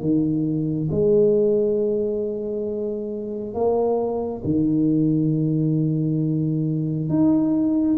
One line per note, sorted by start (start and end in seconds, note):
0.00 0.88 D#3
0.91 3.54 G#3
3.54 4.42 A#3
4.44 7.09 D#3
7.09 7.97 D#4